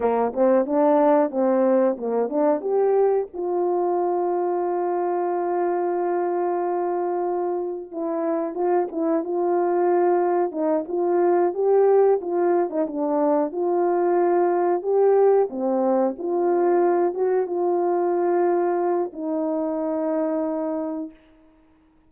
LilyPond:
\new Staff \with { instrumentName = "horn" } { \time 4/4 \tempo 4 = 91 ais8 c'8 d'4 c'4 ais8 d'8 | g'4 f'2.~ | f'1 | e'4 f'8 e'8 f'2 |
dis'8 f'4 g'4 f'8. dis'16 d'8~ | d'8 f'2 g'4 c'8~ | c'8 f'4. fis'8 f'4.~ | f'4 dis'2. | }